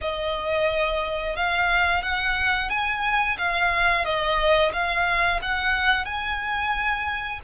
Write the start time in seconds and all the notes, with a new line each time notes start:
0.01 D#5
1.35 F5
2.02 F#5
2.69 G#5
3.38 F5
4.04 D#5
4.72 F5
5.41 F#5
6.05 G#5